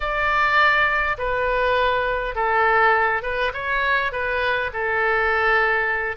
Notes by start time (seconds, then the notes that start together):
0.00 D5
1.18 B4
2.35 A4
3.22 B4
3.53 C#5
4.11 B4
4.73 A4